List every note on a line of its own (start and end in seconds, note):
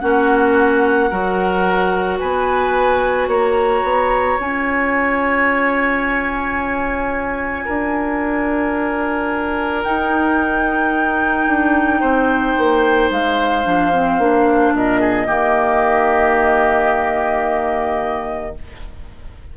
0.00 1.11 A#3
0.00 1.10 C#4
0.00 1.10 F#4
0.00 2.18 F#5
1.10 2.20 F#3
1.10 4.38 F#4
1.10 2.19 A#4
2.19 3.28 B3
2.19 3.29 B4
2.19 3.28 G#5
3.28 3.82 A#3
3.28 7.65 C#5
3.28 4.40 A#5
3.83 4.38 B3
4.38 7.67 C#4
4.38 9.84 F4
4.38 9.84 G#5
7.65 9.85 D4
7.65 12.00 A#4
9.84 13.65 D#4
9.84 11.47 D#4
9.84 13.11 G5
11.47 12.02 D4
12.00 12.56 C4
12.00 14.73 C5
12.58 13.11 A#3
13.11 13.65 G#3
13.11 14.75 F5
13.65 14.19 F3
13.65 13.92 D4
13.93 14.20 C4
14.19 14.73 A#3
14.19 15.27 D4
14.73 15.28 A#2
14.73 15.01 A#4
14.73 18.57 D#5
15.01 15.27 G#4
15.27 18.55 D#3
15.27 18.55 A#3
15.27 18.54 G4